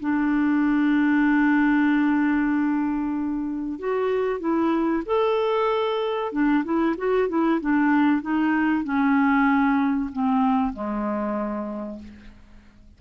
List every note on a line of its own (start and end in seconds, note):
0.00 3.79 D4
3.79 4.40 F#4
4.40 5.03 E4
5.06 6.32 A4
6.32 6.64 D4
6.64 6.95 E4
6.97 7.28 F#4
7.28 7.60 E4
7.60 8.21 D4
8.21 8.84 D#4
8.84 10.10 C#4
10.12 10.73 C4
10.73 11.99 G#3